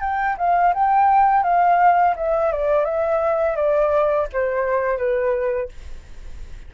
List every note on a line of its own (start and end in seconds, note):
0.00 0.36 G5
0.37 0.73 F5
0.74 1.43 G5
1.43 2.15 F5
2.16 2.52 E5
2.52 2.84 D5
2.84 3.56 E5
3.56 4.27 D5
4.32 4.97 C5
4.97 5.69 B4